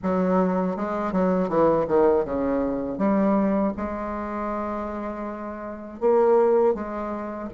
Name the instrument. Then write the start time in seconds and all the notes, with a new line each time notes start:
bassoon
0.02 F#3
0.76 G#3
1.12 F#3
1.48 E3
1.87 D#3
2.24 C#3
2.98 G3
3.76 G#3
6.00 A#3
6.74 G#3